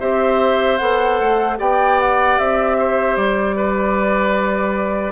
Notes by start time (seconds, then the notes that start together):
0.00 C4 G4 C5 E5
0.78 B3 A4 F#5
1.20 A3
1.57 B3 G4 D5 G5
2.00 F#5
2.39 C4 E5
2.79 C5
3.16 G3 D5
3.56 B4